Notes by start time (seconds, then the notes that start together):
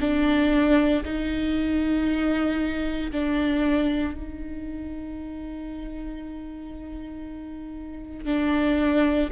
0.00 D4
1.04 D#4
3.11 D4
4.14 D#4
8.25 D4